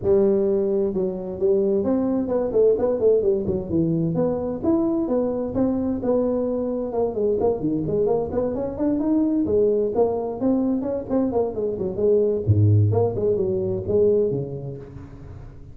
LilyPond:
\new Staff \with { instrumentName = "tuba" } { \time 4/4 \tempo 4 = 130 g2 fis4 g4 | c'4 b8 a8 b8 a8 g8 fis8 | e4 b4 e'4 b4 | c'4 b2 ais8 gis8 |
ais8 dis8 gis8 ais8 b8 cis'8 d'8 dis'8~ | dis'8 gis4 ais4 c'4 cis'8 | c'8 ais8 gis8 fis8 gis4 gis,4 | ais8 gis8 fis4 gis4 cis4 | }